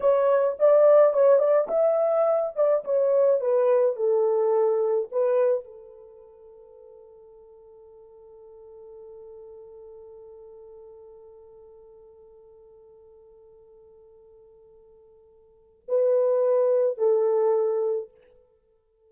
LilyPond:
\new Staff \with { instrumentName = "horn" } { \time 4/4 \tempo 4 = 106 cis''4 d''4 cis''8 d''8 e''4~ | e''8 d''8 cis''4 b'4 a'4~ | a'4 b'4 a'2~ | a'1~ |
a'1~ | a'1~ | a'1 | b'2 a'2 | }